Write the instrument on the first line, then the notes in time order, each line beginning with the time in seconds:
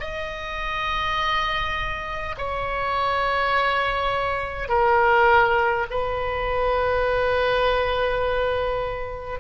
oboe
0.00 D#5
2.38 C#5
4.68 A#4
5.90 B4